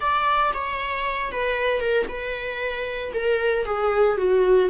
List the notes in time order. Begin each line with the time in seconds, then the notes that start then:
0.00 D5
0.53 C#5
1.31 B4
1.80 A#4
2.08 B4
3.13 A#4
3.65 G#4
4.17 F#4